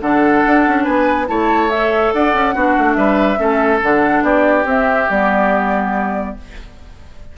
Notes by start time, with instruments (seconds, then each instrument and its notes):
0.00 bassoon D3, clarinet D4, oboe A4, flute F#5
0.46 bassoon D4
0.67 bassoon C#4
0.83 bassoon B3, oboe B4, flute G#5
1.27 bassoon A3, clarinet E4, oboe C#5, flute A5
1.70 clarinet A4, flute E5
2.12 bassoon D4, oboe D5, flute F#5
2.34 bassoon C#4
2.54 bassoon B3, clarinet D4, oboe F#4
2.78 bassoon A3
2.93 bassoon G3, oboe B4, flute E5
3.36 bassoon A3, clarinet C#4, oboe A4
3.82 bassoon D3, clarinet D4, flute F#5
4.22 bassoon B3, oboe G4, flute D5
4.64 bassoon C4, clarinet C4, flute E5
5.10 bassoon G3, clarinet B3, flute D5